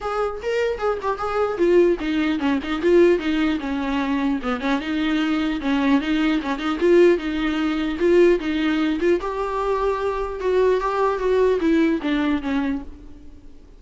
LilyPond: \new Staff \with { instrumentName = "viola" } { \time 4/4 \tempo 4 = 150 gis'4 ais'4 gis'8 g'8 gis'4 | f'4 dis'4 cis'8 dis'8 f'4 | dis'4 cis'2 b8 cis'8 | dis'2 cis'4 dis'4 |
cis'8 dis'8 f'4 dis'2 | f'4 dis'4. f'8 g'4~ | g'2 fis'4 g'4 | fis'4 e'4 d'4 cis'4 | }